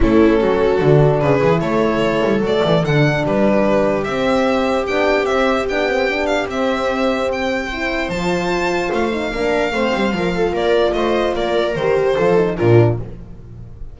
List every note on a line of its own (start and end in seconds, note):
0.00 0.41 A3
0.00 0.80 C#4
0.00 0.39 E4
0.00 1.19 A4
0.40 0.81 F#3
0.40 1.21 F#4
0.80 1.21 D3
0.80 1.41 D4
1.19 1.42 C#3
1.19 1.61 G#4
1.19 1.60 B4
1.41 1.61 E3
1.41 2.42 E4
1.60 2.22 A3
1.60 3.23 A4
1.60 2.41 C#5
2.24 2.40 G3
2.40 2.61 F#3
2.40 2.84 A3
2.40 2.84 D5
2.64 2.84 E3
2.84 3.24 D3
2.84 4.06 D4
2.84 3.25 F#5
3.24 4.06 G3
3.24 7.66 G4
3.24 4.04 B4
4.04 4.88 C4
4.04 4.87 C4
4.04 4.85 E5
4.86 5.29 B3
4.86 5.24 D4
4.86 5.25 G5
5.24 5.65 C4
5.24 5.66 E5
5.31 5.69 C4
5.68 6.47 B3
5.68 5.89 D4
5.68 6.26 G5
5.89 6.08 C4
6.08 6.47 D4
6.26 6.46 F5
6.47 8.08 C4
6.47 7.69 C4
6.47 7.31 E5
7.32 8.10 G5
7.66 8.12 E4
7.66 9.28 C5
8.08 8.89 F3
8.08 9.11 F4
8.08 8.91 A5
8.92 9.31 A3
8.92 10.55 F5
9.11 9.31 D#4
9.31 9.71 A#3
9.31 9.72 D4
9.31 9.74 A#4
9.71 9.91 A3
9.71 10.12 C4
9.71 10.15 C5
9.94 10.12 G3
10.12 10.52 F3
10.12 11.75 F4
10.12 10.35 A#4
10.35 10.51 A4
10.51 10.93 A#3
10.51 10.92 A#4
10.51 10.93 D5
10.93 11.34 A3
10.93 11.36 C5
10.93 11.33 D#5
11.35 11.75 A#3
11.35 12.15 A#4
11.35 11.74 D5
11.74 12.16 D#3
11.74 12.19 G4
11.74 12.56 C5
12.15 12.59 F3
12.15 12.36 F4
12.15 12.55 A4
12.36 12.56 D#4
12.56 13.00 A#2
12.56 12.99 D4
12.56 12.98 F4
12.56 12.97 A#4